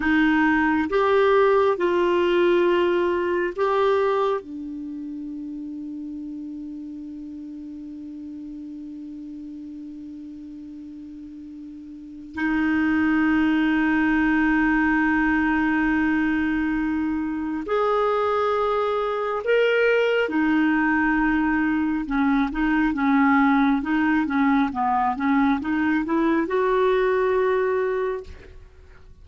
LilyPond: \new Staff \with { instrumentName = "clarinet" } { \time 4/4 \tempo 4 = 68 dis'4 g'4 f'2 | g'4 d'2.~ | d'1~ | d'2 dis'2~ |
dis'1 | gis'2 ais'4 dis'4~ | dis'4 cis'8 dis'8 cis'4 dis'8 cis'8 | b8 cis'8 dis'8 e'8 fis'2 | }